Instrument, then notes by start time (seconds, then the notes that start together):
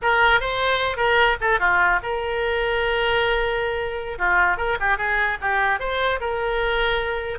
oboe
0.01 A#4
0.40 C5
0.97 A#4
1.41 A4
1.59 F4
2.02 A#4
4.18 F4
4.57 A#4
4.80 G4
4.97 G#4
5.41 G4
5.79 C5
6.20 A#4